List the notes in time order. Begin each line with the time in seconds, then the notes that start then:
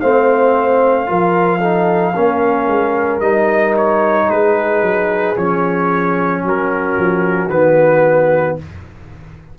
0.00 A3 C4 C5 F5
1.06 F3 F4 A#4
1.59 D#4 A4
2.13 A#3 C#4 A#4
2.67 G#3
3.19 G3 D#4 D#5
3.77 C#5
4.29 G#3 G#4 B4
4.81 F#3
5.35 F3 C#4 C#5
6.43 F#3 F#4 A#4
6.97 F3
7.47 D#3 B3 B4